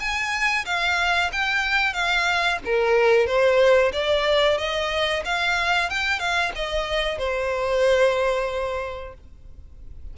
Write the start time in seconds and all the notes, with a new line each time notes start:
0.00 G#5
0.66 F5
1.32 G5
1.94 F5
2.65 A#4
3.27 C5
3.93 D5
4.58 D#5
5.25 F5
5.90 G5
6.19 F5
6.55 D#5
7.18 C5